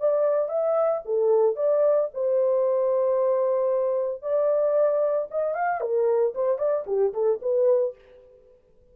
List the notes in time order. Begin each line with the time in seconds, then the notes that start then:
0.00 D5
0.49 E5
1.06 A4
1.56 D5
2.14 C5
4.23 D5
5.31 D#5
5.55 F5
5.81 A#4
6.35 C5
6.59 D5
6.87 G4
7.14 A4
7.42 B4